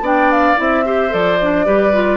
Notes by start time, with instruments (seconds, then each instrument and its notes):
0.00 bassoon B3, clarinet D4, oboe D5, flute G5
0.31 flute F5
0.56 bassoon C4, clarinet E4, flute E5
0.85 clarinet G4, oboe C5
1.09 bassoon F3, clarinet A4, flute D5
1.41 clarinet D4
1.65 bassoon G3, clarinet G4, oboe B4
1.93 clarinet F4